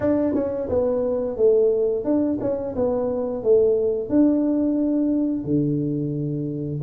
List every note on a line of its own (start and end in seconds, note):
0.00 0.34 D4
0.34 0.68 C#4
0.69 1.36 B3
1.36 2.04 A3
2.04 2.38 D4
2.40 2.75 C#4
2.75 3.43 B3
3.43 4.09 A3
4.09 5.44 D4
5.44 6.80 D3